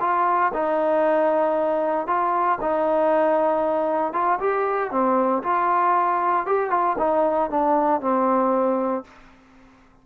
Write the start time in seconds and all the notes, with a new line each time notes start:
0.00 F4
0.53 D#4
2.07 F4
2.61 D#4
4.13 F4
4.40 G4
4.91 C4
5.42 F4
6.46 G4
6.70 F4
6.98 D#4
7.50 D4
8.01 C4